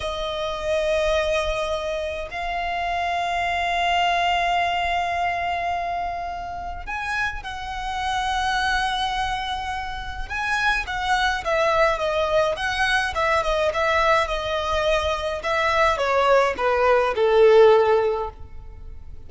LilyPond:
\new Staff \with { instrumentName = "violin" } { \time 4/4 \tempo 4 = 105 dis''1 | f''1~ | f''1 | gis''4 fis''2.~ |
fis''2 gis''4 fis''4 | e''4 dis''4 fis''4 e''8 dis''8 | e''4 dis''2 e''4 | cis''4 b'4 a'2 | }